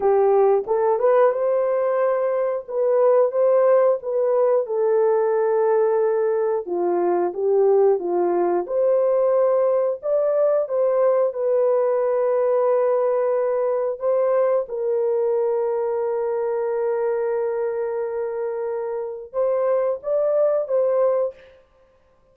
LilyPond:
\new Staff \with { instrumentName = "horn" } { \time 4/4 \tempo 4 = 90 g'4 a'8 b'8 c''2 | b'4 c''4 b'4 a'4~ | a'2 f'4 g'4 | f'4 c''2 d''4 |
c''4 b'2.~ | b'4 c''4 ais'2~ | ais'1~ | ais'4 c''4 d''4 c''4 | }